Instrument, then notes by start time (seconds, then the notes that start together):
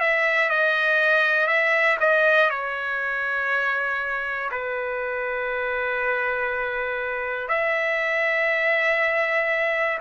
trumpet
0.00 E5
0.50 D#5
1.47 E5
2.00 D#5
2.50 C#5
4.51 B4
7.48 E5